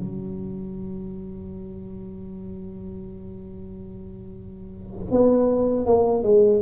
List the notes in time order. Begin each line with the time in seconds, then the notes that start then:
0.00 F#3
5.11 B3
5.86 A#3
6.23 G#3